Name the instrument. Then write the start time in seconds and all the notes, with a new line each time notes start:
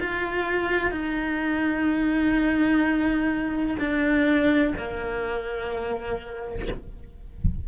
cello
0.00 F4
0.91 D#4
3.79 D4
4.77 A#3